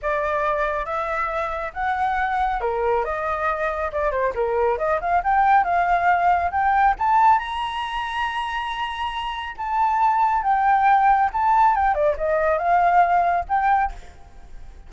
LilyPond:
\new Staff \with { instrumentName = "flute" } { \time 4/4 \tempo 4 = 138 d''2 e''2 | fis''2 ais'4 dis''4~ | dis''4 d''8 c''8 ais'4 dis''8 f''8 | g''4 f''2 g''4 |
a''4 ais''2.~ | ais''2 a''2 | g''2 a''4 g''8 d''8 | dis''4 f''2 g''4 | }